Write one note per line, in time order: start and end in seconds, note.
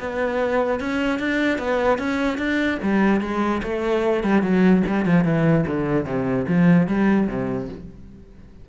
0.00 0.81 B3
0.81 1.20 C#4
1.20 1.59 D4
1.59 1.99 B3
1.99 2.38 C#4
2.38 2.79 D4
2.83 3.22 G3
3.22 3.62 G#3
3.63 4.24 A3
4.24 4.43 G3
4.43 4.83 F#3
4.87 5.06 G3
5.06 5.25 F3
5.25 5.66 E3
5.67 6.06 D3
6.06 6.46 C3
6.48 6.88 F3
6.88 7.28 G3
7.28 7.69 C3